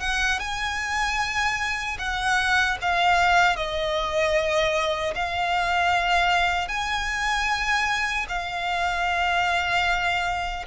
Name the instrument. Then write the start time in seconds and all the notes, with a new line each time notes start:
violin
0.00 F#5
0.39 G#5
1.98 F#5
2.81 F5
3.56 D#5
5.15 F5
6.68 G#5
8.28 F5